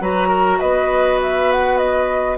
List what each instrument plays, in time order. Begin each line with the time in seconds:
0.00 bassoon F#3, clarinet F#4, oboe B4, flute A#5
0.28 oboe A#4
0.59 bassoon B3, oboe B4, flute D#5
1.22 flute E5
1.51 flute F#5
1.77 flute D#5